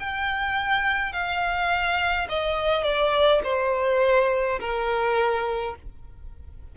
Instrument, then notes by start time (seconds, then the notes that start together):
violin
0.00 G5
1.13 F5
2.29 D#5
2.84 D5
3.44 C5
4.60 A#4